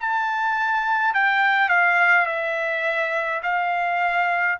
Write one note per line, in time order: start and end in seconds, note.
0.00 1.14 A5
1.14 1.69 G5
1.69 2.26 F5
2.26 3.41 E5
3.43 4.58 F5